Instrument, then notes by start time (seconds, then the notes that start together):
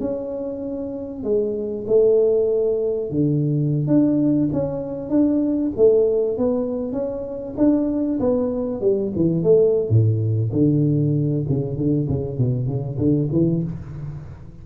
tuba
0.00 C#4
1.23 G#3
1.87 A3
3.10 D3
3.87 D4
4.53 C#4
5.09 D4
5.76 A3
6.38 B3
6.93 C#4
7.57 D4
8.20 B3
8.81 G3
9.15 E3
9.43 A3
9.89 A2
10.52 D3
11.49 C#3
11.77 D3
12.08 C#3
12.38 B2
12.67 C#3
12.98 D3
13.32 E3